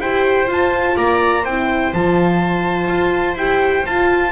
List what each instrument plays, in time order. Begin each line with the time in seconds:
0.00 double bass E4, horn G4, viola C5, trumpet G5
0.47 double bass F4, horn F4, trumpet A5
0.96 double bass A#3, viola D5, trumpet A#5
1.42 double bass C4, horn E4, viola C5, trumpet G5
1.93 double bass F3, horn F4, trumpet A5
2.88 double bass F4
3.35 double bass E4, horn G4, trumpet G5
3.85 double bass F4, horn F4, trumpet A5